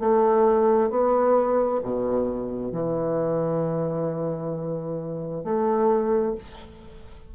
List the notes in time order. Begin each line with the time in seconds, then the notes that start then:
0.00 A3
0.90 B3
1.83 B2
2.72 E3
5.45 A3